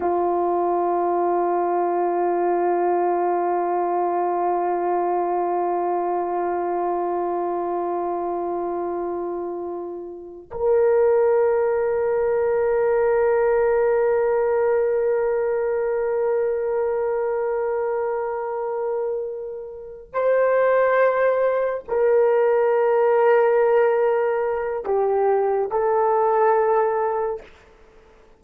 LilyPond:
\new Staff \with { instrumentName = "horn" } { \time 4/4 \tempo 4 = 70 f'1~ | f'1~ | f'1~ | f'16 ais'2.~ ais'8.~ |
ais'1~ | ais'2.~ ais'8 c''8~ | c''4. ais'2~ ais'8~ | ais'4 g'4 a'2 | }